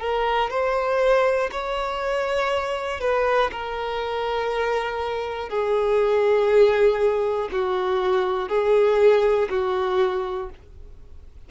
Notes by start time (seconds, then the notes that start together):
0.00 A#4
0.50 C5
1.52 C#5
3.00 B4
3.51 A#4
5.50 G#4
7.52 F#4
8.49 G#4
9.50 F#4